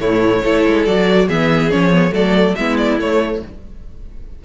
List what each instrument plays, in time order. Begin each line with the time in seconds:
0.00 cello A2, viola A3, violin E4 C#5
0.44 cello A3, viola E4, violin A4
0.67 cello G#3
0.86 cello F#3, viola F#4, violin D5
1.27 cello E3, viola B3, violin G#4 E5
1.71 cello F3, viola C#4, violin C#5
1.93 viola B3
2.11 cello F#3, viola A3, violin A4 D5
2.56 cello G#3, viola B3, violin E4 E5
2.78 violin D5
2.99 cello A3, viola A3, violin C#5